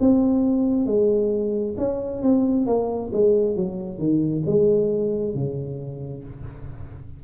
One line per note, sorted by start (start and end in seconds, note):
0.00 0.86 C4
0.86 1.75 G#3
1.77 2.22 C#4
2.23 2.66 C4
2.66 3.11 A#3
3.13 3.56 G#3
3.56 3.98 F#3
3.98 4.43 D#3
4.46 5.34 G#3
5.34 6.24 C#3